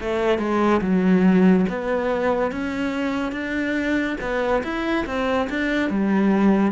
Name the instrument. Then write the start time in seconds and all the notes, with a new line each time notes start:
cello
0.00 A3
0.38 G#3
0.81 F#3
1.69 B3
2.51 C#4
3.32 D4
4.20 B3
4.63 E4
5.06 C4
5.49 D4
5.90 G3